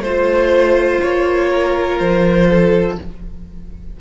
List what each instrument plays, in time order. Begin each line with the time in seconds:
0.00 cello A3, viola F4, violin C5
1.01 cello A#3, violin C#5
1.49 violin A#4
1.98 cello F3, violin C5
2.50 violin A4